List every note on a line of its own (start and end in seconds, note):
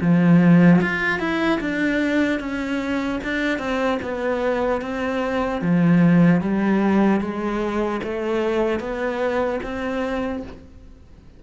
0.00 0.80 F3
0.81 1.19 F4
1.19 1.59 E4
1.60 2.39 D4
2.39 3.19 C#4
3.24 3.58 D4
3.58 3.98 C4
4.02 4.81 B3
4.81 5.61 C4
5.61 6.41 F3
6.41 7.20 G3
7.20 8.00 G#3
8.03 8.80 A3
8.80 9.60 B3
9.63 10.43 C4